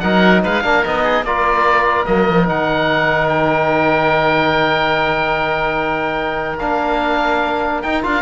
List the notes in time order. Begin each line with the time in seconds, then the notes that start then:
0.00 F#3 D#4 A#4 F#5
0.43 G#3 B4 F5
0.63 A#3 D4 A#4
0.84 B3 D#4 D#5
1.04 G#4
1.23 A#3 F4 A#4 D5
2.06 F#3 A#3 D#5
2.29 F3
2.45 D#3 D#4 F#5
3.28 G5
6.59 A#3 D4 F5
7.82 D#4 G5
8.03 D4 F4 F5